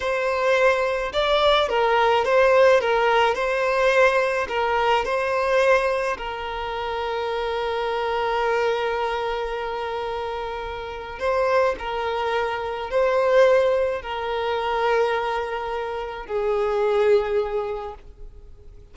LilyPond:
\new Staff \with { instrumentName = "violin" } { \time 4/4 \tempo 4 = 107 c''2 d''4 ais'4 | c''4 ais'4 c''2 | ais'4 c''2 ais'4~ | ais'1~ |
ais'1 | c''4 ais'2 c''4~ | c''4 ais'2.~ | ais'4 gis'2. | }